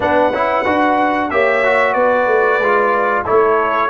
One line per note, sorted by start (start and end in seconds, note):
0.00 0.31 B3
0.00 0.32 D4
0.00 1.30 B4
0.00 1.30 F#5
0.31 0.64 C#4
0.31 0.65 E4
0.65 1.31 D4
0.65 1.30 F#4
1.30 1.95 A#3
1.30 1.64 G4
1.30 1.93 C#5
1.30 1.93 E5
1.64 2.61 F#4
1.93 2.26 B3
1.93 3.24 B4
1.93 3.23 D5
2.26 2.59 A3
2.59 3.24 G#3
2.59 3.25 F4
3.25 3.90 A3
3.25 3.90 E4
3.25 3.90 A4
3.25 3.90 C#5